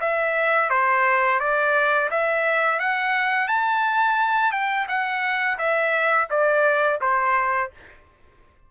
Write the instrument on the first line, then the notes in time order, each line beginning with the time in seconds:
trumpet
0.00 E5
0.70 C5
1.40 D5
2.11 E5
2.79 F#5
3.48 A5
4.52 G5
4.88 F#5
5.58 E5
6.30 D5
7.01 C5